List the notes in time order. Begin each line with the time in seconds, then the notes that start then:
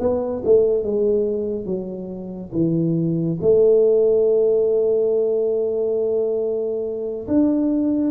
0.00 B3
0.45 A3
0.84 G#3
1.66 F#3
2.52 E3
3.42 A3
7.28 D4